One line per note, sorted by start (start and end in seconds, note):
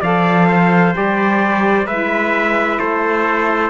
0.00 0.94 F3
0.00 0.92 A4
0.00 0.46 D5
0.00 0.95 F5
0.47 1.86 C5
0.92 1.86 G3
0.92 1.85 G4
0.92 1.87 D5
1.86 2.78 G#3
1.86 3.69 E4
1.86 2.78 B4
1.86 2.79 E5
2.79 3.69 A3
2.79 3.69 A4
2.79 3.69 C5